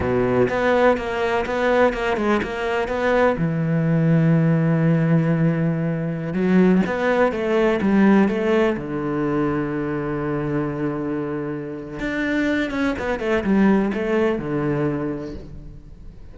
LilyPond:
\new Staff \with { instrumentName = "cello" } { \time 4/4 \tempo 4 = 125 b,4 b4 ais4 b4 | ais8 gis8 ais4 b4 e4~ | e1~ | e4~ e16 fis4 b4 a8.~ |
a16 g4 a4 d4.~ d16~ | d1~ | d4 d'4. cis'8 b8 a8 | g4 a4 d2 | }